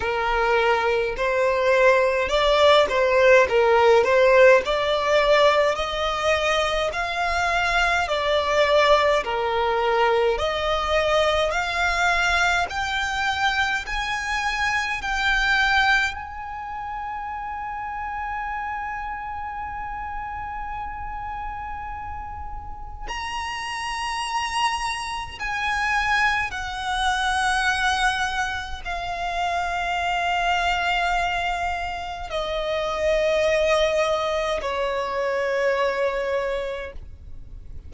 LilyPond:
\new Staff \with { instrumentName = "violin" } { \time 4/4 \tempo 4 = 52 ais'4 c''4 d''8 c''8 ais'8 c''8 | d''4 dis''4 f''4 d''4 | ais'4 dis''4 f''4 g''4 | gis''4 g''4 gis''2~ |
gis''1 | ais''2 gis''4 fis''4~ | fis''4 f''2. | dis''2 cis''2 | }